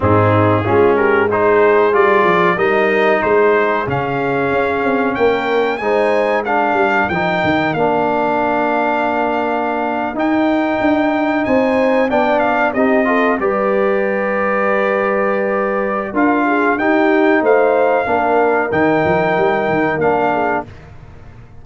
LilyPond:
<<
  \new Staff \with { instrumentName = "trumpet" } { \time 4/4 \tempo 4 = 93 gis'4. ais'8 c''4 d''4 | dis''4 c''4 f''2 | g''4 gis''4 f''4 g''4 | f''2.~ f''8. g''16~ |
g''4.~ g''16 gis''4 g''8 f''8 dis''16~ | dis''8. d''2.~ d''16~ | d''4 f''4 g''4 f''4~ | f''4 g''2 f''4 | }
  \new Staff \with { instrumentName = "horn" } { \time 4/4 dis'4 f'8 g'8 gis'2 | ais'4 gis'2. | ais'4 c''4 ais'2~ | ais'1~ |
ais'4.~ ais'16 c''4 d''4 g'16~ | g'16 a'8 b'2.~ b'16~ | b'4 ais'8 gis'8 g'4 c''4 | ais'2.~ ais'8 gis'8 | }
  \new Staff \with { instrumentName = "trombone" } { \time 4/4 c'4 cis'4 dis'4 f'4 | dis'2 cis'2~ | cis'4 dis'4 d'4 dis'4 | d'2.~ d'8. dis'16~ |
dis'2~ dis'8. d'4 dis'16~ | dis'16 f'8 g'2.~ g'16~ | g'4 f'4 dis'2 | d'4 dis'2 d'4 | }
  \new Staff \with { instrumentName = "tuba" } { \time 4/4 gis,4 gis2 g8 f8 | g4 gis4 cis4 cis'8 c'8 | ais4 gis4. g8 f8 dis8 | ais2.~ ais8. dis'16~ |
dis'8. d'4 c'4 b4 c'16~ | c'8. g2.~ g16~ | g4 d'4 dis'4 a4 | ais4 dis8 f8 g8 dis8 ais4 | }
>>